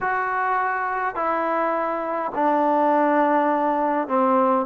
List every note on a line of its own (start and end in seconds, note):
0.00 1.15 F#4
1.15 2.31 E4
2.34 4.08 D4
4.08 4.66 C4